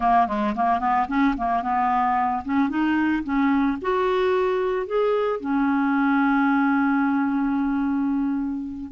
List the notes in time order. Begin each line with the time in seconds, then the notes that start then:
0.00 A#3
0.27 G#3
0.55 A#3
0.79 B3
1.07 C#4
1.37 A#3
1.62 B3
2.44 C#4
2.69 D#4
3.23 C#4
3.81 F#4
4.86 G#4
5.40 C#4